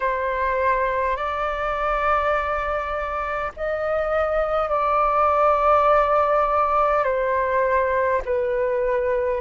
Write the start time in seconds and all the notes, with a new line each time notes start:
0.00 C5
1.16 D5
3.56 D#5
4.69 D5
7.04 C5
8.25 B4